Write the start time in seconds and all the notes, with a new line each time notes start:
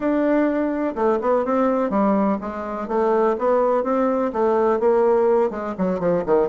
0.00 D4
0.95 A3
1.21 B3
1.45 C4
1.90 G3
2.40 G#3
2.88 A3
3.38 B3
3.83 C4
4.32 A3
4.79 A#3
5.50 G#3
5.78 F#3
5.99 F3
6.26 D#3